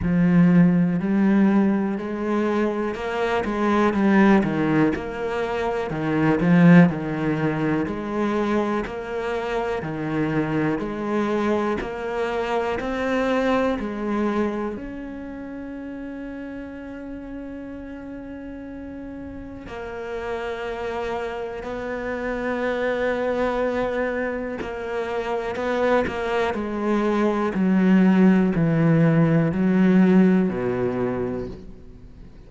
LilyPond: \new Staff \with { instrumentName = "cello" } { \time 4/4 \tempo 4 = 61 f4 g4 gis4 ais8 gis8 | g8 dis8 ais4 dis8 f8 dis4 | gis4 ais4 dis4 gis4 | ais4 c'4 gis4 cis'4~ |
cis'1 | ais2 b2~ | b4 ais4 b8 ais8 gis4 | fis4 e4 fis4 b,4 | }